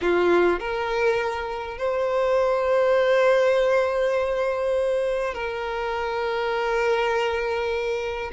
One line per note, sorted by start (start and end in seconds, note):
0.01 0.59 F4
0.59 1.78 A#4
1.78 5.34 C5
5.34 8.31 A#4